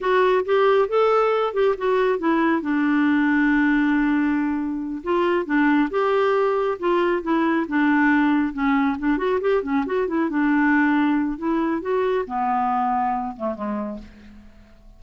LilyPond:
\new Staff \with { instrumentName = "clarinet" } { \time 4/4 \tempo 4 = 137 fis'4 g'4 a'4. g'8 | fis'4 e'4 d'2~ | d'2.~ d'8 f'8~ | f'8 d'4 g'2 f'8~ |
f'8 e'4 d'2 cis'8~ | cis'8 d'8 fis'8 g'8 cis'8 fis'8 e'8 d'8~ | d'2 e'4 fis'4 | b2~ b8 a8 gis4 | }